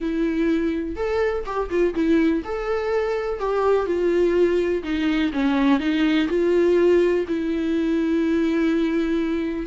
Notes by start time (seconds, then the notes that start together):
0.00 E4
0.95 A4
1.45 G4
1.69 F4
1.94 E4
2.44 A4
3.39 G4
3.86 F4
4.83 D#4
5.32 C#4
5.79 D#4
6.28 F4
7.28 E4